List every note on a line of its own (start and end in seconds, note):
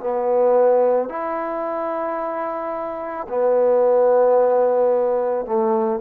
0.00 1.09 B3
1.09 3.27 E4
3.29 5.46 B3
5.46 6.00 A3